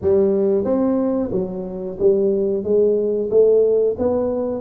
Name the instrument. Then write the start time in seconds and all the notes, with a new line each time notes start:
tuba
0.01 G3
0.64 C4
1.31 F#3
1.99 G3
2.63 G#3
3.30 A3
3.98 B3